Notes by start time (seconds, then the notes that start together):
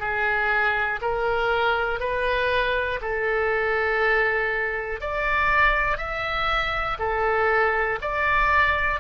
0.00 G#4
1.01 A#4
2.00 B4
3.02 A4
5.00 D5
5.98 E5
6.99 A4
8.02 D5